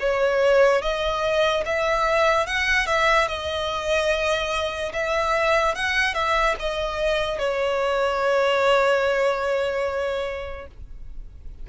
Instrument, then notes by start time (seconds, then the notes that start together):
violin
0.00 C#5
0.82 D#5
1.66 E5
2.47 F#5
2.87 E5
3.28 D#5
4.93 E5
5.75 F#5
6.14 E5
6.59 D#5
7.39 C#5